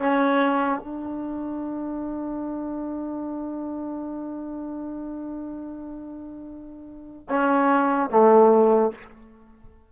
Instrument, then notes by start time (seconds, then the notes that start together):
trombone
0.00 C#4
0.80 D4
7.30 C#4
8.10 A3